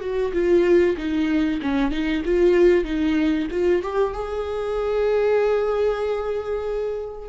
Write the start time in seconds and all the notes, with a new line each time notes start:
0.00 F#4
0.33 F4
0.97 D#4
1.61 C#4
1.91 D#4
2.25 F4
2.84 D#4
3.50 F4
3.82 G4
4.13 G#4